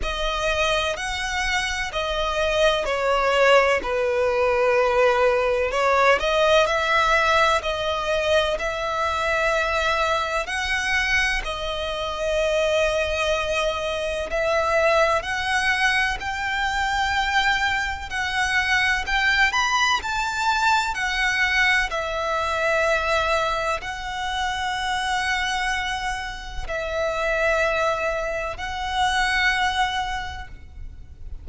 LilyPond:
\new Staff \with { instrumentName = "violin" } { \time 4/4 \tempo 4 = 63 dis''4 fis''4 dis''4 cis''4 | b'2 cis''8 dis''8 e''4 | dis''4 e''2 fis''4 | dis''2. e''4 |
fis''4 g''2 fis''4 | g''8 b''8 a''4 fis''4 e''4~ | e''4 fis''2. | e''2 fis''2 | }